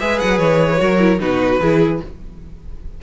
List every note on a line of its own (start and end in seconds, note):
0.00 0.21 G#3
0.00 0.77 G#4
0.00 0.81 B4
0.00 0.19 E5
0.19 0.39 F#3
0.19 0.39 F#5
0.39 0.80 E3
0.39 1.19 C#5
0.77 1.20 F#3
0.77 0.97 F#4
0.77 1.21 A#4
0.99 1.19 E4
1.19 1.60 B2
1.19 1.59 D#4
1.19 1.61 F#4
1.19 2.01 B4
1.60 2.00 E3
1.60 2.02 E4
1.60 2.01 G#4